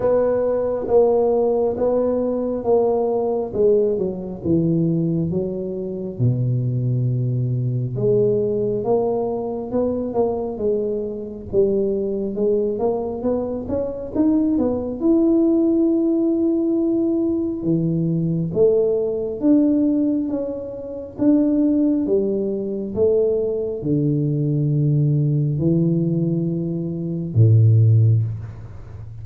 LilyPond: \new Staff \with { instrumentName = "tuba" } { \time 4/4 \tempo 4 = 68 b4 ais4 b4 ais4 | gis8 fis8 e4 fis4 b,4~ | b,4 gis4 ais4 b8 ais8 | gis4 g4 gis8 ais8 b8 cis'8 |
dis'8 b8 e'2. | e4 a4 d'4 cis'4 | d'4 g4 a4 d4~ | d4 e2 a,4 | }